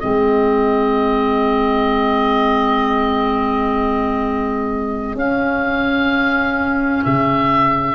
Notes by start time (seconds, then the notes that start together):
0.00 G#3 C4 G#4 D#5
5.15 C#4 F5
7.05 C#3 E5